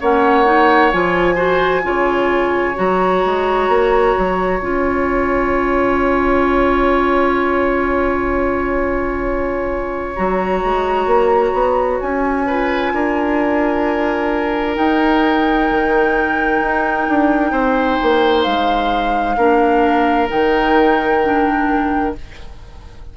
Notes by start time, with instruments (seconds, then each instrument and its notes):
0.00 bassoon A#3, clarinet C#4, oboe C#5, flute F#5
0.45 clarinet D#4
0.92 bassoon F3, clarinet F4, flute G#5
1.35 clarinet F#4, oboe C5
1.82 bassoon C#3, clarinet F4, oboe C#5
2.75 bassoon F#3, clarinet F#4, flute A#5
3.25 bassoon G#3
3.69 bassoon A#3
4.18 bassoon F#3
4.60 bassoon C#4, clarinet F4, flute G#5
10.15 bassoon F#3, clarinet F#4, flute A#5
10.64 bassoon G#3
11.06 bassoon A#3
11.53 bassoon B3
12.00 bassoon C#4, flute G#5
12.46 clarinet F4, oboe B4
12.93 bassoon D4, oboe A#4
14.75 clarinet D#4, bassoon D#4, flute G5
15.71 bassoon D#3
16.61 bassoon D#4
17.09 bassoon D4
17.52 bassoon C4, oboe C5
18.02 bassoon A#3
18.43 bassoon G#3, flute F5
19.37 bassoon A#3, clarinet D4, oboe A#4
20.29 bassoon D#3, clarinet D#4, flute G5
21.23 clarinet D4